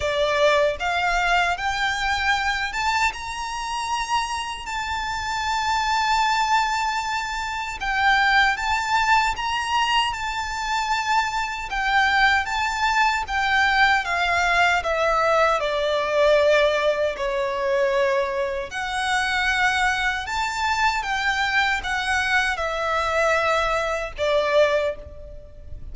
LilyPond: \new Staff \with { instrumentName = "violin" } { \time 4/4 \tempo 4 = 77 d''4 f''4 g''4. a''8 | ais''2 a''2~ | a''2 g''4 a''4 | ais''4 a''2 g''4 |
a''4 g''4 f''4 e''4 | d''2 cis''2 | fis''2 a''4 g''4 | fis''4 e''2 d''4 | }